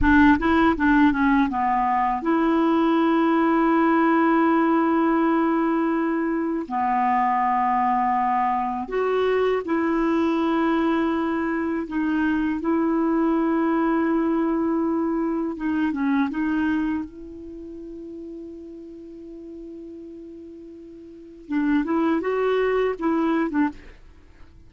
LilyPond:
\new Staff \with { instrumentName = "clarinet" } { \time 4/4 \tempo 4 = 81 d'8 e'8 d'8 cis'8 b4 e'4~ | e'1~ | e'4 b2. | fis'4 e'2. |
dis'4 e'2.~ | e'4 dis'8 cis'8 dis'4 e'4~ | e'1~ | e'4 d'8 e'8 fis'4 e'8. d'16 | }